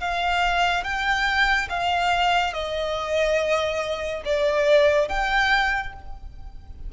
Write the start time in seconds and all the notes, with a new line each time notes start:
0.00 F5
0.84 G5
1.69 F5
2.54 D#5
4.25 D5
5.09 G5